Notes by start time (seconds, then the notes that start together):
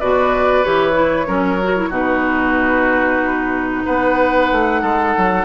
0.00 B2 F#4 B4 D5
0.63 E3 G4 C#5
0.93 E4
1.26 F#3 C#4 A#4
1.63 F#4
1.76 E4
1.90 B2 D#4 F#4 B4
3.85 B3 B4 F#5
4.52 A3
4.82 G#3 A4
5.17 F#3